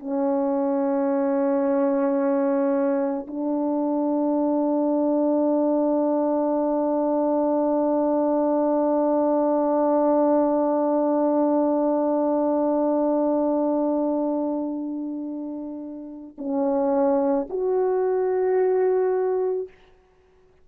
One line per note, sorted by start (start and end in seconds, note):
0.00 3.27 C#4
3.28 16.37 D4
16.38 17.47 C#4
17.50 19.68 F#4